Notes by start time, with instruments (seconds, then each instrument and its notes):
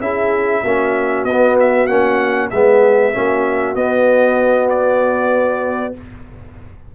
0.00 tuba C#4, trombone E4, horn G#4, trumpet E5
0.62 tuba A#3, trombone C#4, horn F#4
1.24 tuba B3, trumpet D#5
1.31 trombone B3
1.60 trumpet E5
1.86 tuba A#3, trombone C#4, trumpet F#5
2.50 tuba G#3, trombone B3, horn G#4, trumpet E5
3.13 tuba A#3, trombone C#4, horn F#4
3.75 trombone B3, tuba B3, trumpet D#5
4.69 trumpet D5